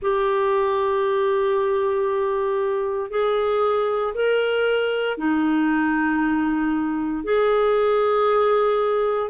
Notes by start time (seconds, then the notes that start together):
0.01 G4
3.10 G#4
4.14 A#4
5.17 D#4
7.24 G#4